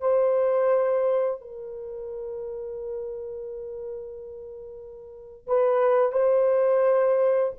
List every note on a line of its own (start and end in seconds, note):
0.00 1.41 C5
1.41 5.47 A#4
5.47 6.12 B4
6.12 7.53 C5